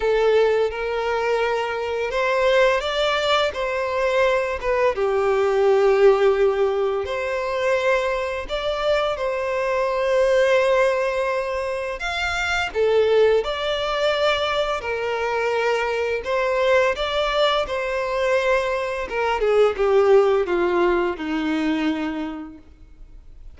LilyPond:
\new Staff \with { instrumentName = "violin" } { \time 4/4 \tempo 4 = 85 a'4 ais'2 c''4 | d''4 c''4. b'8 g'4~ | g'2 c''2 | d''4 c''2.~ |
c''4 f''4 a'4 d''4~ | d''4 ais'2 c''4 | d''4 c''2 ais'8 gis'8 | g'4 f'4 dis'2 | }